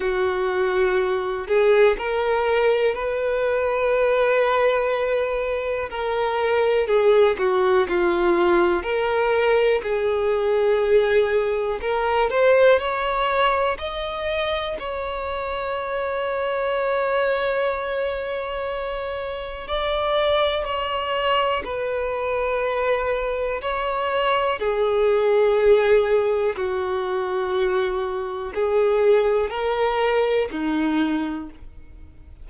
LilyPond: \new Staff \with { instrumentName = "violin" } { \time 4/4 \tempo 4 = 61 fis'4. gis'8 ais'4 b'4~ | b'2 ais'4 gis'8 fis'8 | f'4 ais'4 gis'2 | ais'8 c''8 cis''4 dis''4 cis''4~ |
cis''1 | d''4 cis''4 b'2 | cis''4 gis'2 fis'4~ | fis'4 gis'4 ais'4 dis'4 | }